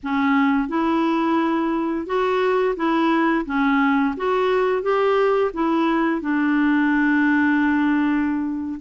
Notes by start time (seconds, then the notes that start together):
0.03 C#4
0.68 E4
2.06 F#4
2.76 E4
3.45 C#4
4.17 F#4
4.82 G4
5.53 E4
6.21 D4